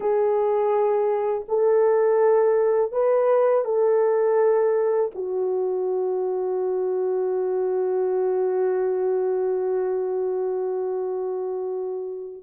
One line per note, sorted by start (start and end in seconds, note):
0.00 1.45 G#4
1.48 2.91 A4
2.91 3.65 B4
3.65 5.11 A4
5.14 12.43 F#4